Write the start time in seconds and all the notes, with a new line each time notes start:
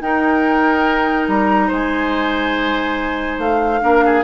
0.00 D#4 A#4 G5
1.28 G3 A#5
1.67 G#3 C5 G#5
3.38 A3 F5
3.81 A#3 D4 A#4
4.05 G#4